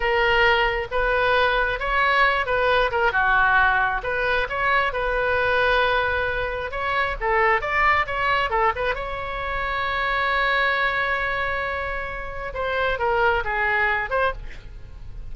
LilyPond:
\new Staff \with { instrumentName = "oboe" } { \time 4/4 \tempo 4 = 134 ais'2 b'2 | cis''4. b'4 ais'8 fis'4~ | fis'4 b'4 cis''4 b'4~ | b'2. cis''4 |
a'4 d''4 cis''4 a'8 b'8 | cis''1~ | cis''1 | c''4 ais'4 gis'4. c''8 | }